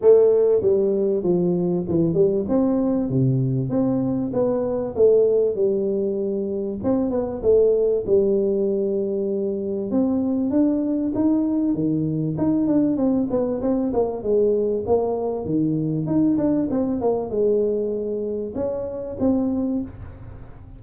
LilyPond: \new Staff \with { instrumentName = "tuba" } { \time 4/4 \tempo 4 = 97 a4 g4 f4 e8 g8 | c'4 c4 c'4 b4 | a4 g2 c'8 b8 | a4 g2. |
c'4 d'4 dis'4 dis4 | dis'8 d'8 c'8 b8 c'8 ais8 gis4 | ais4 dis4 dis'8 d'8 c'8 ais8 | gis2 cis'4 c'4 | }